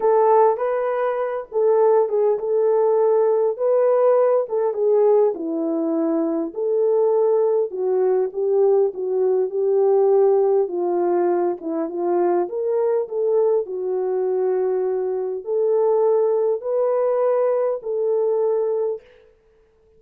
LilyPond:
\new Staff \with { instrumentName = "horn" } { \time 4/4 \tempo 4 = 101 a'4 b'4. a'4 gis'8 | a'2 b'4. a'8 | gis'4 e'2 a'4~ | a'4 fis'4 g'4 fis'4 |
g'2 f'4. e'8 | f'4 ais'4 a'4 fis'4~ | fis'2 a'2 | b'2 a'2 | }